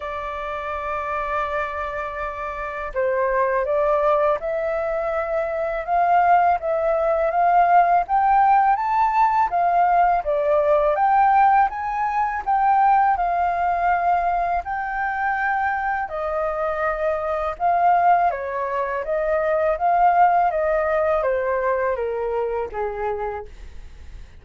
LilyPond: \new Staff \with { instrumentName = "flute" } { \time 4/4 \tempo 4 = 82 d''1 | c''4 d''4 e''2 | f''4 e''4 f''4 g''4 | a''4 f''4 d''4 g''4 |
gis''4 g''4 f''2 | g''2 dis''2 | f''4 cis''4 dis''4 f''4 | dis''4 c''4 ais'4 gis'4 | }